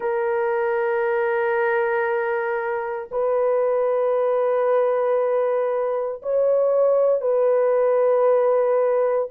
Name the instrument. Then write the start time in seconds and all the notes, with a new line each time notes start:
horn
0.00 A#4
3.11 B4
6.22 C#5
7.21 B4